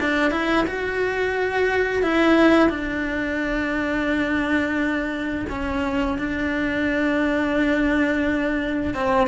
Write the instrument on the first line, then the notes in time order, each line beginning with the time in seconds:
cello
0.00 D4
0.31 E4
0.66 F#4
2.03 E4
2.69 D4
5.49 C#4
6.18 D4
8.94 C4